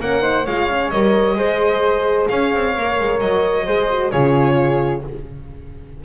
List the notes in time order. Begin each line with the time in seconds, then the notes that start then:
0.00 A#3 C#4 A#4 F#5
0.20 D#4 C5
0.44 G#3 F4 C#5 F5
0.70 C#4
0.91 G3 A#4 D#5
1.35 G#3 G#4 C5
2.28 C#4 C#5 F5
2.54 C4
2.77 A#3 A#4
3.00 G#3
3.20 F#3 D#5
3.66 G#3 G#4 C5
3.90 F#4
4.10 C#3 F4 G#4 C#5